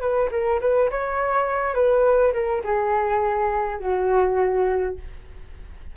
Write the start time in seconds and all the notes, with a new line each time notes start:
0.00 B4
0.31 A#4
0.61 B4
0.91 C#5
1.74 B4
2.33 A#4
2.64 G#4
3.80 F#4